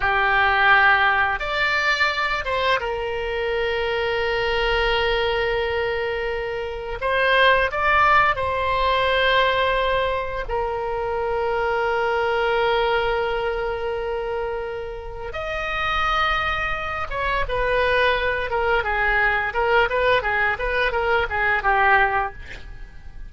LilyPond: \new Staff \with { instrumentName = "oboe" } { \time 4/4 \tempo 4 = 86 g'2 d''4. c''8 | ais'1~ | ais'2 c''4 d''4 | c''2. ais'4~ |
ais'1~ | ais'2 dis''2~ | dis''8 cis''8 b'4. ais'8 gis'4 | ais'8 b'8 gis'8 b'8 ais'8 gis'8 g'4 | }